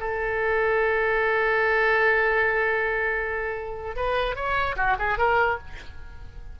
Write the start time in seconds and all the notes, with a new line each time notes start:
0.00 A4
3.96 B4
4.35 C#5
4.77 F#4
4.99 G#4
5.18 A#4